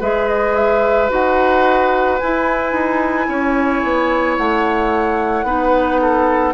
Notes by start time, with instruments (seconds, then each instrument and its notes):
0.00 bassoon G#3, clarinet G#4, oboe B4, flute E5
0.28 flute D#5
0.55 flute E5
1.09 bassoon D#4, clarinet F#4, flute F#5
2.19 bassoon E4, clarinet E4, flute G#5
2.72 bassoon D#4
3.28 bassoon C#4, oboe C#5
3.83 bassoon B3
4.37 bassoon A3, flute F#5
5.43 bassoon B3, clarinet D#4, oboe B4
6.01 oboe A4